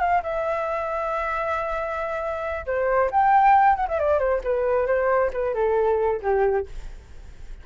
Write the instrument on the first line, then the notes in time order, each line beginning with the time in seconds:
flute
0.00 F5
0.23 E5
2.66 C5
3.11 G5
3.76 F#5
3.88 E5
3.99 D5
4.19 C5
4.44 B4
4.87 C5
5.33 B4
5.54 A4
6.22 G4